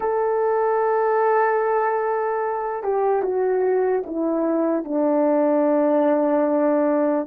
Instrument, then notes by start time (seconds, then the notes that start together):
horn
0.00 A4
2.83 G4
3.22 F#4
4.06 E4
4.84 D4